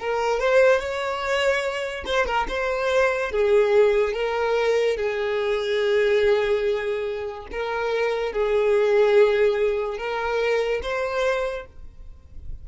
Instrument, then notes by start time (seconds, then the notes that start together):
violin
0.00 A#4
0.40 C5
0.80 C#5
2.06 C5
2.26 A#4
2.48 C5
3.32 G#4
4.13 A#4
4.97 G#4
7.52 A#4
8.32 G#4
9.98 A#4
10.82 C5